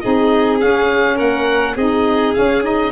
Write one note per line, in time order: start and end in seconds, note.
0.00 0.62 C4
0.00 0.59 D#4
0.00 1.16 G#4
0.00 0.58 D#5
0.59 1.76 C#4
0.59 1.20 C#4
0.59 1.19 F5
1.16 1.76 A#3
1.16 1.75 A#4
1.16 1.77 F#5
1.76 2.34 C4
1.76 2.35 D#4
1.76 2.92 G#4
1.76 2.34 D#5
2.34 2.63 C#4
2.34 2.92 C#4
2.34 2.63 F5
2.63 2.92 D#4
2.63 2.92 D#5